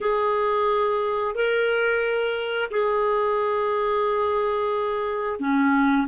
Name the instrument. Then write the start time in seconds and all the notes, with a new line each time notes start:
clarinet
0.00 G#4
1.35 A#4
2.70 G#4
5.39 C#4